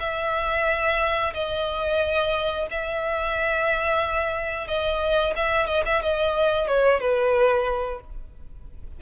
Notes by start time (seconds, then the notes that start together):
0.00 E5
1.34 D#5
2.71 E5
4.68 D#5
5.36 E5
5.67 D#5
5.86 E5
6.02 D#5
6.68 C#5
7.00 B4